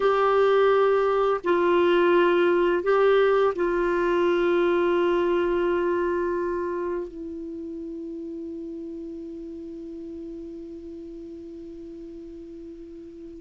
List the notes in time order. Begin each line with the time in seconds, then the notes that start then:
0.00 G4
1.43 F4
2.83 G4
3.55 F4
7.07 E4